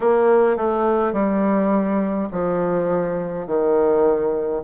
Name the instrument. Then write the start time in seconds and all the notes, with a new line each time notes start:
bassoon
0.00 A#3
0.56 A3
1.13 G3
2.31 F3
3.46 D#3